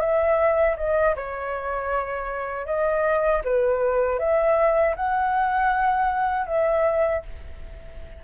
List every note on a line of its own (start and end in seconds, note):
0.00 0.76 E5
0.77 1.15 D#5
1.15 2.66 C#5
2.66 3.42 D#5
3.44 4.19 B4
4.19 4.95 E5
4.96 6.46 F#5
6.46 7.22 E5